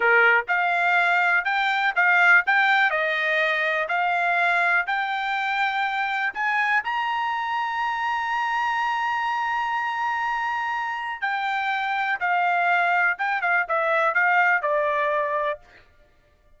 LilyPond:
\new Staff \with { instrumentName = "trumpet" } { \time 4/4 \tempo 4 = 123 ais'4 f''2 g''4 | f''4 g''4 dis''2 | f''2 g''2~ | g''4 gis''4 ais''2~ |
ais''1~ | ais''2. g''4~ | g''4 f''2 g''8 f''8 | e''4 f''4 d''2 | }